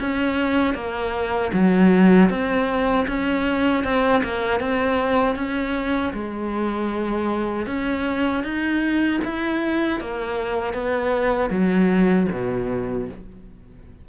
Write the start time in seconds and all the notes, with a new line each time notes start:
0.00 C#4
0.74 A#3
1.52 F#3
2.29 C4
3.07 C#4
3.84 C4
4.23 A#3
4.59 C4
5.35 C#4
6.13 G#3
7.66 C#4
8.43 D#4
9.24 E4
10.00 A#3
10.73 B3
11.50 F#3
12.31 B2